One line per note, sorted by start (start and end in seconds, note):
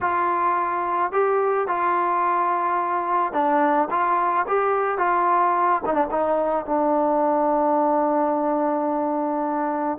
0.01 1.12 F4
1.12 1.67 G4
1.67 3.32 F4
3.32 3.88 D4
3.90 4.46 F4
4.47 4.98 G4
4.98 5.81 F4
5.86 5.93 D#4
5.93 6.07 D4
6.10 6.65 D#4
6.65 9.98 D4